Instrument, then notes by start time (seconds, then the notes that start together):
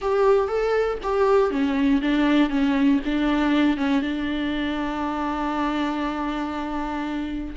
viola
0.01 G4
0.48 A4
1.02 G4
1.50 C#4
2.01 D4
2.49 C#4
3.05 D4
3.77 C#4
4.02 D4